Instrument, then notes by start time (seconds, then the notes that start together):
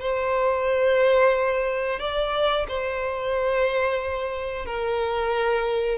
violin
0.00 C5
1.99 D5
2.68 C5
4.65 A#4